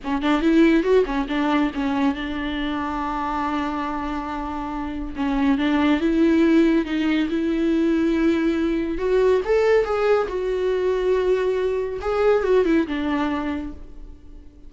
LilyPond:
\new Staff \with { instrumentName = "viola" } { \time 4/4 \tempo 4 = 140 cis'8 d'8 e'4 fis'8 cis'8 d'4 | cis'4 d'2.~ | d'1 | cis'4 d'4 e'2 |
dis'4 e'2.~ | e'4 fis'4 a'4 gis'4 | fis'1 | gis'4 fis'8 e'8 d'2 | }